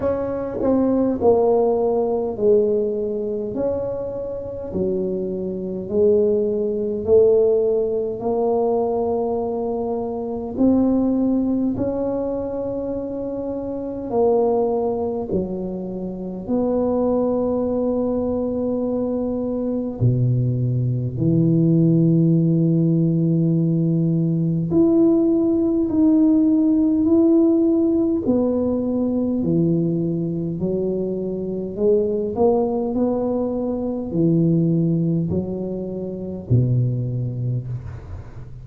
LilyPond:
\new Staff \with { instrumentName = "tuba" } { \time 4/4 \tempo 4 = 51 cis'8 c'8 ais4 gis4 cis'4 | fis4 gis4 a4 ais4~ | ais4 c'4 cis'2 | ais4 fis4 b2~ |
b4 b,4 e2~ | e4 e'4 dis'4 e'4 | b4 e4 fis4 gis8 ais8 | b4 e4 fis4 b,4 | }